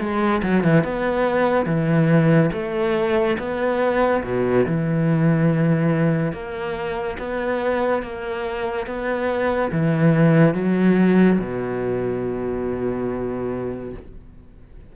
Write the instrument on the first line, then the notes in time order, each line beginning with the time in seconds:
cello
0.00 G#3
0.43 F#3
0.64 E3
0.84 B3
1.66 E3
2.53 A3
3.39 B3
4.24 B2
4.67 E3
6.33 A#3
7.19 B3
8.03 A#3
8.87 B3
9.72 E3
10.55 F#3
11.40 B2